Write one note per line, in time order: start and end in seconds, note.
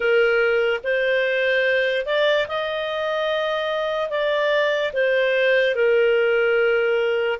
0.00 0.80 A#4
0.83 2.05 C5
2.05 2.46 D5
2.47 4.09 D#5
4.09 4.92 D5
4.93 5.75 C5
5.75 7.39 A#4